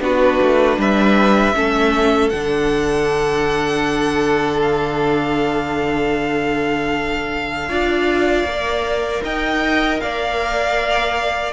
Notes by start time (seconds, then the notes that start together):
0.00 B3 D4 F#4 B4
0.42 A3
0.77 G3 B4 E5
1.54 A3 C#4 A4
2.29 D3 D4 F#5
4.62 F5
7.69 D4 F4 D5
8.44 A#3 A#4
9.23 D#4 D#5 G5
10.00 A#3 D5 F5